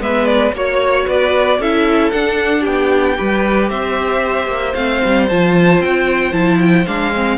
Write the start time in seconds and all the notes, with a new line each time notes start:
0.00 G#3 B3 B4 E5
0.26 D5
0.53 A#3 F#4 C#5
1.07 B3 B4 D5
1.59 C#4 E4 A4 E5
2.11 D4 F#5
2.61 B3 G4 G5
3.17 G3 G4 B4
3.70 C4 C5 E5
4.48 A#3
4.75 A3 C4 F5
5.05 G3
5.29 F3 F4 A5
5.81 C4 G5
6.33 F3 E4 A5
6.60 G5
6.87 G#3 D4 F5
7.15 C4